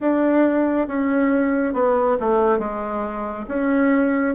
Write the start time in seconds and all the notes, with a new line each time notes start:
0.00 D4
0.87 C#4
1.74 B3
2.20 A3
2.58 G#3
3.48 C#4